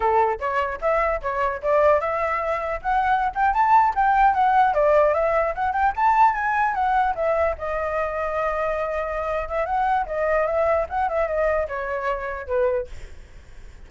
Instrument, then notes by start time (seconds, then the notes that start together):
flute
0.00 A4
0.39 C#5
0.81 E5
1.21 C#5
1.62 D5
2.00 E5
2.82 F#5
3.34 G5
3.53 A5
3.95 G5
4.33 F#5
4.74 D5
5.14 E5
5.54 F#5
5.72 G5
5.96 A5
6.34 G#5
6.74 F#5
7.15 E5
7.58 D#5
9.48 E5
9.65 F#5
10.06 D#5
10.46 E5
10.89 F#5
11.08 E5
11.27 D#5
11.67 C#5
12.46 B4